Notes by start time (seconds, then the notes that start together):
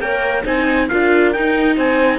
0.00 A#3 A#4 C#5 G5
0.44 C4 D#4 C5 G#5
0.89 D4 F4 A#4 F5
1.32 D#4 G5
1.77 C4 C5 G#5